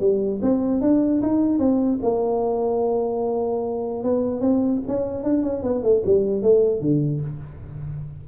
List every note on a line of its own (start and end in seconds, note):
0.00 0.40 G3
0.42 0.81 C4
0.81 1.21 D4
1.22 1.59 D#4
1.59 1.99 C4
2.02 4.04 A#3
4.04 4.41 B3
4.41 4.81 C4
4.87 5.23 C#4
5.23 5.43 D4
5.43 5.63 C#4
5.63 5.83 B3
5.83 6.03 A3
6.05 6.42 G3
6.42 6.81 A3
6.81 7.21 D3